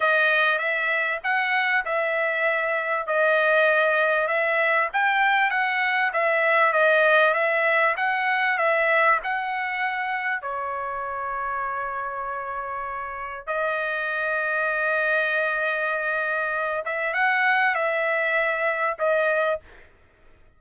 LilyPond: \new Staff \with { instrumentName = "trumpet" } { \time 4/4 \tempo 4 = 98 dis''4 e''4 fis''4 e''4~ | e''4 dis''2 e''4 | g''4 fis''4 e''4 dis''4 | e''4 fis''4 e''4 fis''4~ |
fis''4 cis''2.~ | cis''2 dis''2~ | dis''2.~ dis''8 e''8 | fis''4 e''2 dis''4 | }